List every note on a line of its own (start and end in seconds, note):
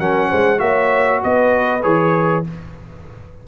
0.00 0.31 F#3
0.00 0.58 C#4
0.00 0.29 A#4
0.00 0.60 F#5
0.29 0.61 G#3
0.29 0.60 C5
0.58 1.22 A#3
0.58 1.81 F#4
0.58 1.22 C#5
0.58 1.21 E5
1.24 1.85 B3
1.24 2.48 B4
1.24 1.83 D#5
1.83 2.46 E3
1.83 2.44 G#4
1.83 2.44 C#5